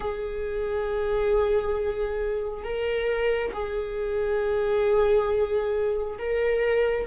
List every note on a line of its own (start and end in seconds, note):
0.00 2.64 G#4
2.64 3.52 A#4
3.53 6.18 G#4
6.18 7.06 A#4